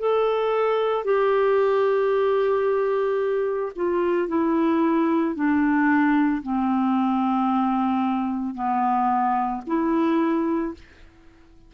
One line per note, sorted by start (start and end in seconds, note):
0.00 1.05 A4
1.05 3.73 G4
3.76 4.29 F4
4.29 5.36 E4
5.36 6.43 D4
6.43 8.55 C4
8.55 9.62 B3
9.67 10.74 E4